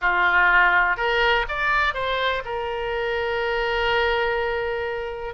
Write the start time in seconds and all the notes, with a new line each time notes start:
0.01 F4
0.96 A#4
1.48 D5
1.94 C5
2.44 A#4